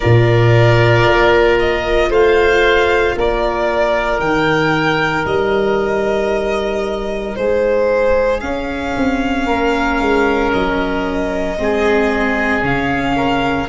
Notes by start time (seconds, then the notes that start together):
0.00 A#2 F4 A#4 D5
1.05 A#3
1.59 D#5
2.09 A3 C5 F5
3.16 A#3 A#4 D5
4.19 D#3 D#4 G5
5.25 G3 D#5
7.35 G#3 G#4 C5
8.40 C#4 F5
8.96 C4
9.46 A#3 A#4
10.00 G#3
10.52 F#3 D#5
11.57 G#3 C4 G#4
12.61 C#3 C#4 F5
13.16 A#4